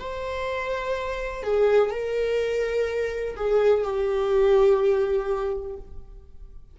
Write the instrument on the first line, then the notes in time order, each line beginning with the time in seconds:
viola
0.00 C5
1.43 G#4
1.91 A#4
3.37 G#4
3.84 G4